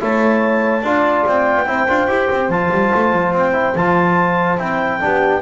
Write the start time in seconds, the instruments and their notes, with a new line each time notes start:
0.00 double bass A3, trombone E4, horn C#5, clarinet A5
0.82 double bass D4, trombone F4, horn D5
1.27 double bass C4, clarinet G5
1.57 double bass B3
1.66 double bass C4, trombone E4, horn C5
1.88 double bass D4, trombone F4
2.07 double bass E4, trombone G4
2.32 double bass C4
2.49 double bass F3, trombone F4, clarinet A5
2.71 double bass G3
2.95 double bass A3
3.13 double bass F3
3.32 double bass C4
3.39 clarinet G5
3.53 trombone E4
3.75 double bass F3, trombone F4, clarinet A5
4.59 double bass C4, trombone E4, clarinet G5
5.00 double bass B3, trombone D4, horn G4